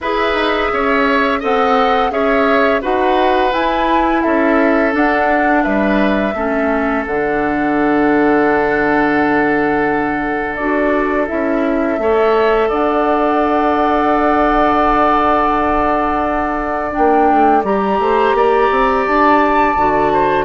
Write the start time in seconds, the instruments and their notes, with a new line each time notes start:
0.01 bassoon E4, clarinet G#4, oboe B4, flute E5
0.33 bassoon D#4
0.72 bassoon C#4, oboe C#5
1.39 bassoon C4, clarinet A4, oboe D#5, flute F#5
2.10 bassoon C#4, clarinet G#4, oboe C#5, flute E5
2.81 bassoon D#4, clarinet F#4, oboe B4, flute F#5
3.51 clarinet E4, bassoon E4, flute G#5
4.22 bassoon C#4, oboe A4, flute E5
4.92 clarinet D4, bassoon D4, flute F#5
5.63 bassoon G3, oboe B4, flute E5
6.34 bassoon A3, clarinet C#4, oboe A4
7.06 bassoon D3, clarinet D4, flute F#5
10.55 bassoon D4, clarinet F#4, flute D5
11.27 bassoon C#4, clarinet E4, flute E5
11.98 bassoon A3, clarinet A4, oboe C#5
12.68 bassoon D4, oboe D5, flute F#5
16.91 clarinet D4, flute G5
16.97 bassoon A#3
17.31 bassoon A3
17.63 bassoon G3, clarinet G4, flute A#5
17.98 bassoon A3, oboe C5
18.33 bassoon A#3, oboe D5
18.71 bassoon C4
19.06 bassoon D4, flute A5
19.76 bassoon D3, clarinet F#4
20.12 oboe C5